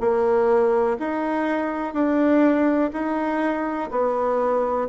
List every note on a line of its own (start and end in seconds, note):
0.00 0.97 A#3
0.99 1.94 D#4
1.94 2.91 D4
2.93 3.90 D#4
3.91 4.88 B3